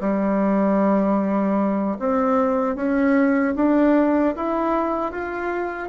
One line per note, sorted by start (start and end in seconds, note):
0.00 1.97 G3
1.99 2.75 C4
2.75 3.54 C#4
3.55 4.34 D4
4.35 5.11 E4
5.11 5.89 F4